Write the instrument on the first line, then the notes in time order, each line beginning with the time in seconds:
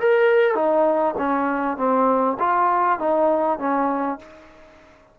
trombone
0.00 A#4
0.55 D#4
1.18 C#4
1.77 C4
2.39 F4
2.99 D#4
3.59 C#4